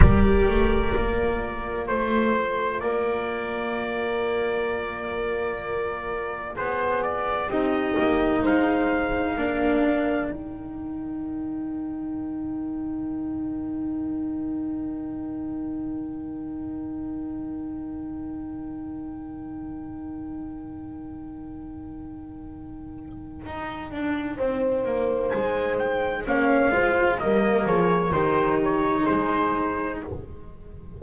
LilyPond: <<
  \new Staff \with { instrumentName = "trumpet" } { \time 4/4 \tempo 4 = 64 d''2 c''4 d''4~ | d''2. c''8 d''8 | dis''4 f''2 g''4~ | g''1~ |
g''1~ | g''1~ | g''2. gis''8 g''8 | f''4 dis''8 cis''8 c''8 cis''8 c''4 | }
  \new Staff \with { instrumentName = "horn" } { \time 4/4 ais'2 c''4 ais'4~ | ais'2. gis'4 | g'4 c''4 ais'2~ | ais'1~ |
ais'1~ | ais'1~ | ais'2 c''2 | cis''8 c''8 ais'8 gis'8 g'4 gis'4 | }
  \new Staff \with { instrumentName = "cello" } { \time 4/4 g'4 f'2.~ | f'1 | dis'2 d'4 dis'4~ | dis'1~ |
dis'1~ | dis'1~ | dis'1 | cis'8 f'8 ais4 dis'2 | }
  \new Staff \with { instrumentName = "double bass" } { \time 4/4 g8 a8 ais4 a4 ais4~ | ais2. b4 | c'8 ais8 gis4 ais4 dis4~ | dis1~ |
dis1~ | dis1~ | dis4 dis'8 d'8 c'8 ais8 gis4 | ais8 gis8 g8 f8 dis4 gis4 | }
>>